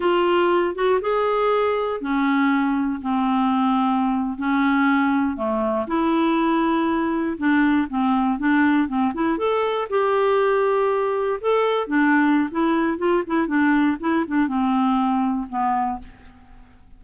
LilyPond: \new Staff \with { instrumentName = "clarinet" } { \time 4/4 \tempo 4 = 120 f'4. fis'8 gis'2 | cis'2 c'2~ | c'8. cis'2 a4 e'16~ | e'2~ e'8. d'4 c'16~ |
c'8. d'4 c'8 e'8 a'4 g'16~ | g'2~ g'8. a'4 d'16~ | d'4 e'4 f'8 e'8 d'4 | e'8 d'8 c'2 b4 | }